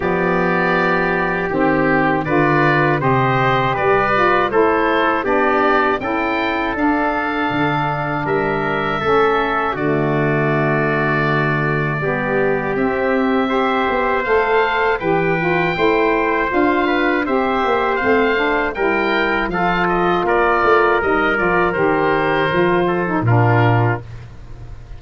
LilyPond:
<<
  \new Staff \with { instrumentName = "oboe" } { \time 4/4 \tempo 4 = 80 d''2 g'4 d''4 | dis''4 d''4 c''4 d''4 | g''4 f''2 e''4~ | e''4 d''2.~ |
d''4 e''2 f''4 | g''2 f''4 e''4 | f''4 g''4 f''8 dis''8 d''4 | dis''8 d''8 c''2 ais'4 | }
  \new Staff \with { instrumentName = "trumpet" } { \time 4/4 g'2. b'4 | c''4 b'4 a'4 g'4 | a'2. ais'4 | a'4 fis'2. |
g'2 c''2 | b'4 c''4. b'8 c''4~ | c''4 ais'4 a'4 ais'4~ | ais'2~ ais'8 a'8 f'4 | }
  \new Staff \with { instrumentName = "saxophone" } { \time 4/4 b2 c'4 f'4 | g'4. f'8 e'4 d'4 | e'4 d'2. | cis'4 a2. |
b4 c'4 g'4 a'4 | g'8 f'8 e'4 f'4 g'4 | c'8 d'8 e'4 f'2 | dis'8 f'8 g'4 f'8. dis'16 d'4 | }
  \new Staff \with { instrumentName = "tuba" } { \time 4/4 f2 dis4 d4 | c4 g4 a4 b4 | cis'4 d'4 d4 g4 | a4 d2. |
g4 c'4. b8 a4 | e4 a4 d'4 c'8 ais8 | a4 g4 f4 ais8 a8 | g8 f8 dis4 f4 ais,4 | }
>>